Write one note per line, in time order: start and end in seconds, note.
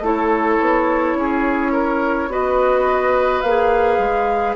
0.00 0.57 A3
0.00 2.29 E4
0.00 1.17 A4
0.00 2.32 C#5
0.60 1.15 B3
1.15 2.28 C#4
1.15 1.72 G#4
1.72 2.29 A#4
2.28 3.41 B3
2.28 3.42 F#4
2.28 4.55 B4
2.28 3.41 D#5
3.41 3.98 A#3
3.41 4.55 G#4
3.41 4.54 F5
3.98 4.55 G#3